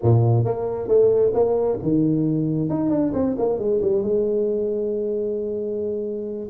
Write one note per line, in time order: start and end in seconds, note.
0.02 0.44 A#2
0.44 0.87 A#3
0.87 1.32 A3
1.34 1.78 A#3
1.82 2.69 D#3
2.69 2.89 D#4
2.89 3.12 D4
3.13 3.36 C4
3.37 3.58 A#3
3.58 3.81 G#3
3.81 4.03 G3
4.03 6.49 G#3